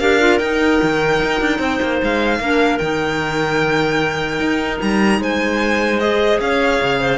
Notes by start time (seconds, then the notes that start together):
0.00 D4 G4 A#4 F5
0.20 F4
0.39 D#4 G5
0.82 D#3
1.24 D#4
1.41 D4
1.59 C4 C5
1.82 A#3
2.03 G#3 F5
2.40 A#3 D4 A#4
2.79 D#3 D#4 G5
4.40 D#4
4.83 G3 A#5
5.20 G#3 C5 G#5
6.00 G#4 D#5
6.40 C#4 C#5 F5
6.82 C#3
7.01 C5